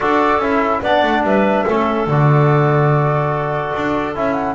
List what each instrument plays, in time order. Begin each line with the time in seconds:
0.00 double bass D4, trombone F#4, clarinet A4, flute D5
0.38 double bass C#4, trombone E4, flute E5
0.82 double bass B3, trombone D4, clarinet D5, flute F#5
1.03 double bass A3
1.23 double bass G3, clarinet B4, flute E5
1.66 double bass A3, trombone C#4, clarinet A4
2.06 double bass D3, trombone F#4, flute D5
3.76 double bass D4
4.14 double bass C#4, trombone E4, flute E5
4.33 flute F#5